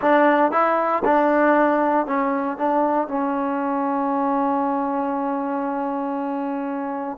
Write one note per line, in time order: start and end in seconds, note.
0.01 0.51 D4
0.51 1.02 E4
1.04 2.06 D4
2.06 2.57 C#4
2.57 3.08 D4
3.08 7.17 C#4